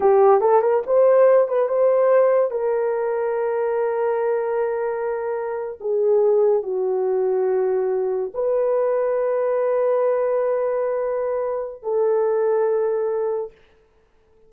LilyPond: \new Staff \with { instrumentName = "horn" } { \time 4/4 \tempo 4 = 142 g'4 a'8 ais'8 c''4. b'8 | c''2 ais'2~ | ais'1~ | ais'4.~ ais'16 gis'2 fis'16~ |
fis'2.~ fis'8. b'16~ | b'1~ | b'1 | a'1 | }